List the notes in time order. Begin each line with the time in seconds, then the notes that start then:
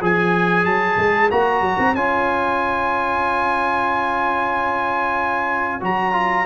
0.00 F3 G#4 C#5 G#5
0.65 F#3 A5
0.98 G#3
1.31 A#3 F#4 A#5
1.61 F#3
1.79 C4
1.94 C#4 F4 G#5
5.81 F#3 F#4 A#5
6.12 F4